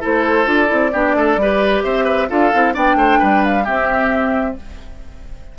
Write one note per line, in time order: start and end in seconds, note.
0.00 0.46 A3
0.00 0.44 E4
0.00 0.91 A4
0.00 0.50 C5
0.44 0.68 D4
0.44 0.66 F4
0.44 1.82 D5
0.66 0.93 C4
0.66 0.89 E4
0.92 1.14 B3
0.92 1.39 D4
0.92 1.15 G4
1.14 1.36 A3
1.14 1.40 A4
1.36 1.82 G3
1.36 2.29 G4
1.36 1.83 B4
1.82 2.30 C4
1.82 2.04 C5
1.82 2.28 E5
2.04 2.27 B4
2.29 2.53 D4
2.29 2.51 F4
2.29 2.73 A4
2.29 2.74 F5
2.53 2.75 C4
2.53 2.73 E4
2.73 2.95 B3
2.73 3.64 D4
2.73 2.96 D5
2.73 3.44 G5
2.95 3.18 A3
2.95 3.19 C5
3.19 3.67 G3
3.19 3.63 B4
3.44 3.65 F5
3.63 4.56 C4
3.63 4.58 C4
3.63 4.54 G4
3.63 4.56 E5